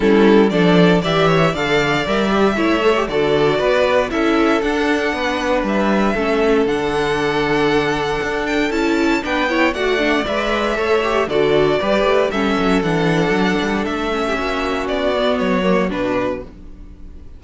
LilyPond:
<<
  \new Staff \with { instrumentName = "violin" } { \time 4/4 \tempo 4 = 117 a'4 d''4 e''4 f''4 | e''2 d''2 | e''4 fis''2 e''4~ | e''4 fis''2.~ |
fis''8 g''8 a''4 g''4 fis''4 | e''2 d''2 | e''4 fis''2 e''4~ | e''4 d''4 cis''4 b'4 | }
  \new Staff \with { instrumentName = "violin" } { \time 4/4 e'4 a'4 d''8 cis''8 d''4~ | d''4 cis''4 a'4 b'4 | a'2 b'2 | a'1~ |
a'2 b'8 cis''8 d''4~ | d''4 cis''4 a'4 b'4 | a'2.~ a'8. g'16 | fis'1 | }
  \new Staff \with { instrumentName = "viola" } { \time 4/4 cis'4 d'4 g'4 a'4 | ais'8 g'8 e'8 a'16 g'16 fis'2 | e'4 d'2. | cis'4 d'2.~ |
d'4 e'4 d'8 e'8 fis'8 d'8 | b'4 a'8 g'8 fis'4 g'4 | cis'4 d'2~ d'8 cis'8~ | cis'4. b4 ais8 d'4 | }
  \new Staff \with { instrumentName = "cello" } { \time 4/4 g4 f4 e4 d4 | g4 a4 d4 b4 | cis'4 d'4 b4 g4 | a4 d2. |
d'4 cis'4 b4 a4 | gis4 a4 d4 g8 a8 | g8 fis8 e4 fis8 g8 a4 | ais4 b4 fis4 b,4 | }
>>